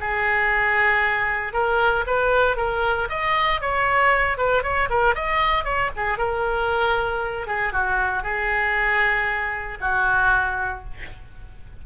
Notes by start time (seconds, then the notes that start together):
0.00 G#4
1.53 A#4
2.07 B4
2.57 A#4
3.09 D#5
3.61 C#5
4.37 B4
4.63 C#5
4.90 A#4
5.15 D#5
5.64 C#5
5.96 G#4
6.18 A#4
7.47 G#4
7.73 F#4
8.23 G#4
9.81 F#4